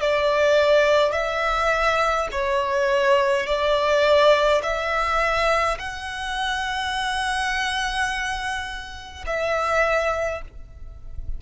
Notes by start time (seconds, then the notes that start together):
0.00 D5
1.12 E5
2.31 C#5
3.46 D5
4.63 E5
5.78 F#5
9.26 E5